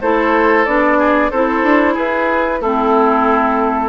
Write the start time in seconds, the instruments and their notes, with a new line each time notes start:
0.00 bassoon A3, clarinet E4, oboe A4, flute C5
0.65 bassoon B3, clarinet D4, flute D5
0.98 oboe G#4
1.30 bassoon C4, clarinet E4, oboe A4, flute C5
1.63 bassoon D4
1.93 bassoon E4, oboe G#4, flute B4
2.61 bassoon A3, clarinet C4, oboe E4, flute A4